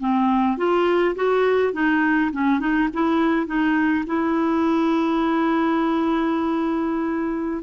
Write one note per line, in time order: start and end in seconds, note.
0.00 0.57 C4
0.57 1.15 F4
1.15 1.73 F#4
1.73 2.31 D#4
2.32 2.60 C#4
2.60 2.88 D#4
2.93 3.46 E4
3.46 4.04 D#4
4.06 7.63 E4